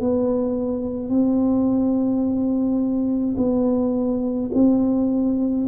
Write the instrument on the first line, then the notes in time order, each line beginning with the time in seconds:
tuba
0.00 B3
1.09 C4
3.37 B3
4.54 C4